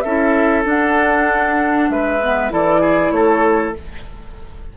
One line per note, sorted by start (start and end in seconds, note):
0.00 0.65 C#4
0.00 0.64 E4
0.00 1.89 A4
0.00 0.62 E5
0.64 2.18 D4
0.64 1.89 D4
0.64 1.90 F#5
1.89 2.51 G#3
1.89 2.52 B4
1.89 2.52 E5
2.22 2.50 B3
2.50 3.11 E3
2.50 3.74 E4
2.50 2.81 A4
2.50 3.11 D5
2.81 3.11 G#4
3.11 3.73 A3
3.11 3.77 A4
3.11 3.73 C#5